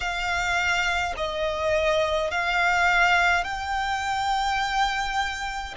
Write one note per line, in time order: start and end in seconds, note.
0.00 1.14 F5
1.16 2.30 D#5
2.30 3.44 F5
3.44 5.74 G5